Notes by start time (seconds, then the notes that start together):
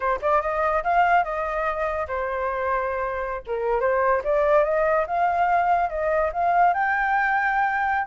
0.00 C5
0.21 D5
0.41 D#5
0.83 F5
1.23 D#5
2.07 C5
3.46 A#4
3.80 C5
4.24 D5
4.64 D#5
5.07 F5
5.89 D#5
6.32 F5
6.73 G5